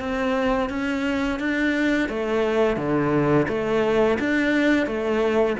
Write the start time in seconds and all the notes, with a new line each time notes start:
0.00 C4
0.70 C#4
1.40 D4
2.09 A3
2.77 D3
3.49 A3
4.20 D4
4.87 A3